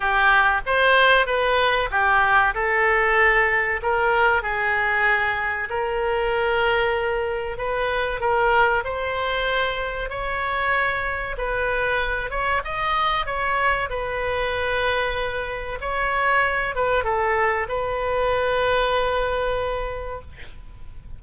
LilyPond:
\new Staff \with { instrumentName = "oboe" } { \time 4/4 \tempo 4 = 95 g'4 c''4 b'4 g'4 | a'2 ais'4 gis'4~ | gis'4 ais'2. | b'4 ais'4 c''2 |
cis''2 b'4. cis''8 | dis''4 cis''4 b'2~ | b'4 cis''4. b'8 a'4 | b'1 | }